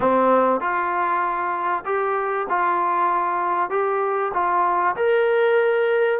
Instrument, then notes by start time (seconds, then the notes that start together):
trombone
0.00 C4
0.60 F4
1.85 G4
2.49 F4
3.70 G4
4.33 F4
4.96 A#4